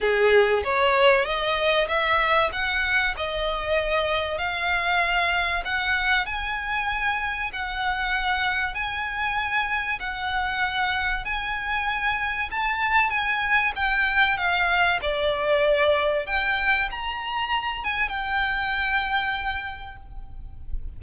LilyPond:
\new Staff \with { instrumentName = "violin" } { \time 4/4 \tempo 4 = 96 gis'4 cis''4 dis''4 e''4 | fis''4 dis''2 f''4~ | f''4 fis''4 gis''2 | fis''2 gis''2 |
fis''2 gis''2 | a''4 gis''4 g''4 f''4 | d''2 g''4 ais''4~ | ais''8 gis''8 g''2. | }